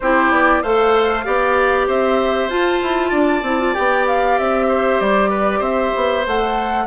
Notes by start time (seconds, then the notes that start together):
0.00 C4 E4 G4 C5
0.31 B3 D5
0.62 A3 A4 C5 F5
1.24 B3 G4 D5
1.87 C4 C5 E5
2.49 F4 A5
2.83 E4
3.09 D4 D5
3.42 C4 E4
3.59 F4
3.74 B3 G4 G5
4.07 F5
4.38 C4 E5
4.68 C5
5.00 G3 D5
5.29 B4
5.59 C4 C5 E5
5.95 B3
6.26 A3 A4 F#5